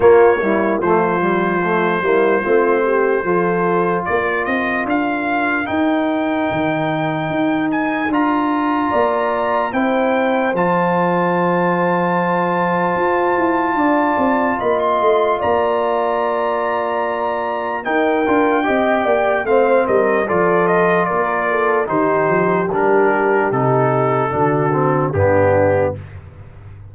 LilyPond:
<<
  \new Staff \with { instrumentName = "trumpet" } { \time 4/4 \tempo 4 = 74 cis''4 c''2.~ | c''4 d''8 dis''8 f''4 g''4~ | g''4. gis''8 ais''2 | g''4 a''2.~ |
a''2 b''16 c'''8. ais''4~ | ais''2 g''2 | f''8 dis''8 d''8 dis''8 d''4 c''4 | ais'4 a'2 g'4 | }
  \new Staff \with { instrumentName = "horn" } { \time 4/4 f'8 e'8 f'4. e'8 f'8 g'8 | a'4 ais'2.~ | ais'2. d''4 | c''1~ |
c''4 d''4 dis''4 d''4~ | d''2 ais'4 dis''8 d''8 | c''8 ais'8 a'4 ais'8 a'8 g'4~ | g'2 fis'4 d'4 | }
  \new Staff \with { instrumentName = "trombone" } { \time 4/4 ais8 g8 a8 g8 a8 ais8 c'4 | f'2. dis'4~ | dis'2 f'2 | e'4 f'2.~ |
f'1~ | f'2 dis'8 f'8 g'4 | c'4 f'2 dis'4 | d'4 dis'4 d'8 c'8 b4 | }
  \new Staff \with { instrumentName = "tuba" } { \time 4/4 ais4 f4. g8 a4 | f4 ais8 c'8 d'4 dis'4 | dis4 dis'4 d'4 ais4 | c'4 f2. |
f'8 e'8 d'8 c'8 ais8 a8 ais4~ | ais2 dis'8 d'8 c'8 ais8 | a8 g8 f4 ais4 dis8 f8 | g4 c4 d4 g,4 | }
>>